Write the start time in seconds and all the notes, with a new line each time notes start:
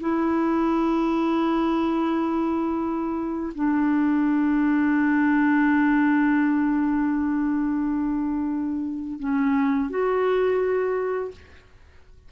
0.00 E4
3.55 D4
9.19 C#4
9.90 F#4